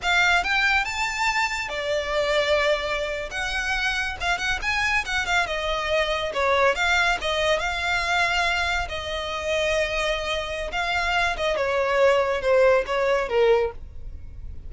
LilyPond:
\new Staff \with { instrumentName = "violin" } { \time 4/4 \tempo 4 = 140 f''4 g''4 a''2 | d''2.~ d''8. fis''16~ | fis''4.~ fis''16 f''8 fis''8 gis''4 fis''16~ | fis''16 f''8 dis''2 cis''4 f''16~ |
f''8. dis''4 f''2~ f''16~ | f''8. dis''2.~ dis''16~ | dis''4 f''4. dis''8 cis''4~ | cis''4 c''4 cis''4 ais'4 | }